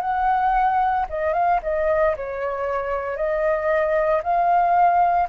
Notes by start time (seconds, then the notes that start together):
0.00 F#5
1.09 D#5
1.33 F5
1.63 D#5
2.16 C#5
3.16 D#5
4.22 F5